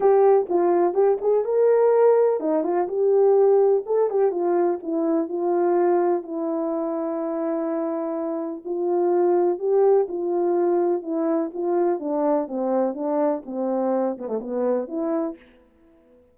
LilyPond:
\new Staff \with { instrumentName = "horn" } { \time 4/4 \tempo 4 = 125 g'4 f'4 g'8 gis'8 ais'4~ | ais'4 dis'8 f'8 g'2 | a'8 g'8 f'4 e'4 f'4~ | f'4 e'2.~ |
e'2 f'2 | g'4 f'2 e'4 | f'4 d'4 c'4 d'4 | c'4. b16 a16 b4 e'4 | }